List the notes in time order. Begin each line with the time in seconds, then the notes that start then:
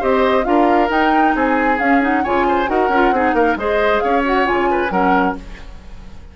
0.00 C4 G4 C5 D#5
0.44 D4 F4 A#4 F5
0.89 D#4 G5
1.35 C4 G#4 G#5
1.79 C#4 F5
2.01 D#4 F#5
2.24 C#3 F4 C#5 G#5
2.49 C5
2.67 D#4 F#4 A#4 F#5
2.89 C#4 F4
3.11 C4 D#4 G#4
3.34 A#3 A#4 F5
3.56 G#3 G#4 C5 D#5
4.00 C#4 C#5 F5
4.24 F#4 F#5
4.45 C#3 F4 G#5
4.71 B4
4.90 F#3 C#4 A#4 F#5